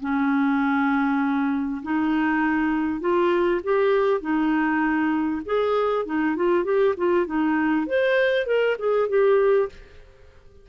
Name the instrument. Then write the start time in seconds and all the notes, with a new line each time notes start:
clarinet
0.00 C#4
1.82 D#4
3.00 F4
3.63 G4
4.20 D#4
5.45 G#4
6.05 D#4
6.36 F4
6.64 G4
6.97 F4
7.26 D#4
7.87 C5
8.46 A#4
8.78 G#4
9.08 G4